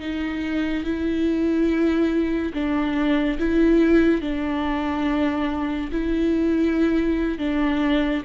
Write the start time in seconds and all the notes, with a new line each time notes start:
0.00 D#4
0.84 E4
2.54 D4
3.38 E4
4.21 D4
5.92 E4
7.38 D4